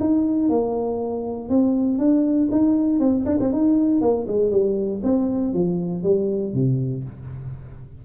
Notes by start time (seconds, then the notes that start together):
0.00 D#4
0.49 A#3
1.49 C4
1.98 D4
2.51 D#4
3.00 C4
3.25 D4
3.40 C4
3.52 D#4
4.01 A#3
4.27 G#3
4.51 G3
5.03 C4
5.53 F3
6.03 G3
6.53 C3